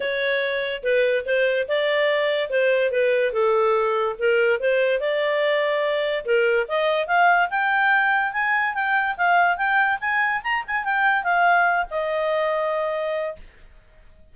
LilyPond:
\new Staff \with { instrumentName = "clarinet" } { \time 4/4 \tempo 4 = 144 cis''2 b'4 c''4 | d''2 c''4 b'4 | a'2 ais'4 c''4 | d''2. ais'4 |
dis''4 f''4 g''2 | gis''4 g''4 f''4 g''4 | gis''4 ais''8 gis''8 g''4 f''4~ | f''8 dis''2.~ dis''8 | }